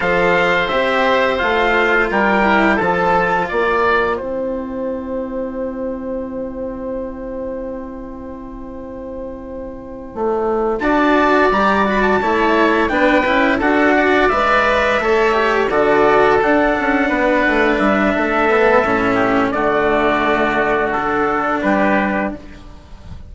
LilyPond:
<<
  \new Staff \with { instrumentName = "trumpet" } { \time 4/4 \tempo 4 = 86 f''4 e''4 f''4 g''4 | a''4 g''2.~ | g''1~ | g''2.~ g''8 a''8~ |
a''8 ais''8 b''16 a''4~ a''16 g''4 fis''8~ | fis''8 e''2 d''4 fis''8~ | fis''4. e''2~ e''8 | d''2 a'4 b'4 | }
  \new Staff \with { instrumentName = "oboe" } { \time 4/4 c''2. ais'4 | a'4 d''4 c''2~ | c''1~ | c''2.~ c''8 d''8~ |
d''4. cis''4 b'4 a'8 | d''4. cis''4 a'4.~ | a'8 b'4. a'4. g'8 | fis'2. g'4 | }
  \new Staff \with { instrumentName = "cello" } { \time 4/4 a'4 g'4 f'4. e'8 | f'2 e'2~ | e'1~ | e'2.~ e'8 fis'8~ |
fis'8 g'8 fis'8 e'4 d'8 e'8 fis'8~ | fis'8 b'4 a'8 g'8 fis'4 d'8~ | d'2~ d'8 b8 cis'4 | a2 d'2 | }
  \new Staff \with { instrumentName = "bassoon" } { \time 4/4 f4 c'4 a4 g4 | f4 ais4 c'2~ | c'1~ | c'2~ c'8 a4 d'8~ |
d'8 g4 a4 b8 cis'8 d'8~ | d'8 gis4 a4 d4 d'8 | cis'8 b8 a8 g8 a4 a,4 | d2. g4 | }
>>